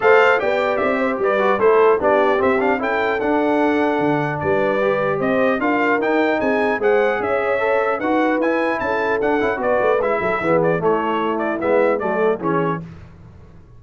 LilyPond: <<
  \new Staff \with { instrumentName = "trumpet" } { \time 4/4 \tempo 4 = 150 f''4 g''4 e''4 d''4 | c''4 d''4 e''8 f''8 g''4 | fis''2. d''4~ | d''4 dis''4 f''4 g''4 |
gis''4 fis''4 e''2 | fis''4 gis''4 a''4 fis''4 | d''4 e''4. d''8 cis''4~ | cis''8 d''8 e''4 d''4 cis''4 | }
  \new Staff \with { instrumentName = "horn" } { \time 4/4 c''4 d''4. c''8 b'4 | a'4 g'2 a'4~ | a'2. b'4~ | b'4 c''4 ais'2 |
gis'4 c''4 cis''2 | b'2 a'2 | b'4. a'8 gis'4 e'4~ | e'2 a'4 gis'4 | }
  \new Staff \with { instrumentName = "trombone" } { \time 4/4 a'4 g'2~ g'8 fis'8 | e'4 d'4 c'8 d'8 e'4 | d'1 | g'2 f'4 dis'4~ |
dis'4 gis'2 a'4 | fis'4 e'2 d'8 e'8 | fis'4 e'4 b4 a4~ | a4 b4 a4 cis'4 | }
  \new Staff \with { instrumentName = "tuba" } { \time 4/4 a4 b4 c'4 g4 | a4 b4 c'4 cis'4 | d'2 d4 g4~ | g4 c'4 d'4 dis'4 |
c'4 gis4 cis'2 | dis'4 e'4 cis'4 d'8 cis'8 | b8 a8 gis8 fis8 e4 a4~ | a4 gis4 fis4 e4 | }
>>